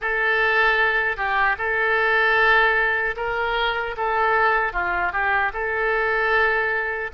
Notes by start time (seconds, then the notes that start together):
0.01 A4
1.16 G4
1.58 A4
3.16 A#4
3.97 A4
4.73 F4
5.12 G4
5.53 A4